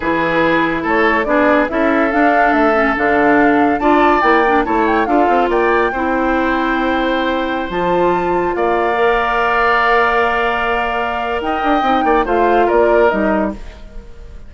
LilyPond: <<
  \new Staff \with { instrumentName = "flute" } { \time 4/4 \tempo 4 = 142 b'2 cis''4 d''4 | e''4 f''4 e''4 f''4~ | f''4 a''4 g''4 a''8 g''8 | f''4 g''2.~ |
g''2~ g''16 a''4.~ a''16~ | a''16 f''2.~ f''8.~ | f''2. g''4~ | g''4 f''4 d''4 dis''4 | }
  \new Staff \with { instrumentName = "oboe" } { \time 4/4 gis'2 a'4 gis'4 | a'1~ | a'4 d''2 cis''4 | a'4 d''4 c''2~ |
c''1~ | c''16 d''2.~ d''8.~ | d''2. dis''4~ | dis''8 d''8 c''4 ais'2 | }
  \new Staff \with { instrumentName = "clarinet" } { \time 4/4 e'2. d'4 | e'4 d'4. cis'8 d'4~ | d'4 f'4 e'8 d'8 e'4 | f'2 e'2~ |
e'2~ e'16 f'4.~ f'16~ | f'4~ f'16 ais'2~ ais'8.~ | ais'1 | dis'4 f'2 dis'4 | }
  \new Staff \with { instrumentName = "bassoon" } { \time 4/4 e2 a4 b4 | cis'4 d'4 a4 d4~ | d4 d'4 ais4 a4 | d'8 c'8 ais4 c'2~ |
c'2~ c'16 f4.~ f16~ | f16 ais2.~ ais8.~ | ais2. dis'8 d'8 | c'8 ais8 a4 ais4 g4 | }
>>